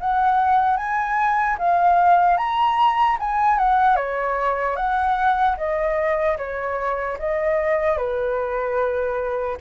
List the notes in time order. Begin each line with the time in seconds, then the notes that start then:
0.00 F#5
0.77 G#5
1.58 F5
2.37 A#5
3.20 G#5
3.58 F#5
3.96 C#5
4.76 F#5
5.57 D#5
6.37 C#5
7.19 D#5
7.97 B4